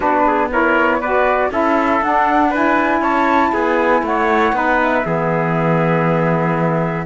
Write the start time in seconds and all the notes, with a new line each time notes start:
0.00 B3 D4 F#4 B4
0.26 G#4
0.51 E4 A#4 C#5
1.00 F#4 B4 D5
1.50 C#4 E4 A4 E5
2.01 D4 F#5
2.50 E4 B4 G#5
3.01 C#4 C#5 A5
3.52 B3 G#4 G#5
4.02 A3 C#5 F#5
4.52 B3 D#4 B4
4.82 E5
5.04 E3 B3 G#4